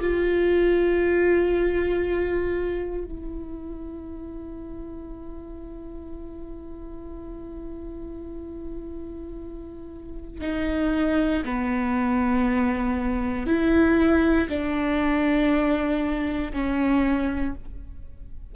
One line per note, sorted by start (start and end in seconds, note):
0.00 3.04 F4
3.04 10.41 E4
10.41 11.43 D#4
11.44 13.47 B3
13.47 14.48 E4
14.49 16.52 D4
16.53 17.54 C#4